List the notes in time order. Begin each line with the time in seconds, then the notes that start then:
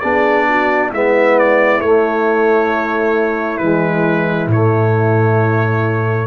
0.00 B3 D4 G#4 D5
0.48 F#4
0.89 G#3 B3 E4 E5
1.38 D5
1.80 A3 C#5
3.57 E3 G#3 B4
4.47 A2 A3 C#5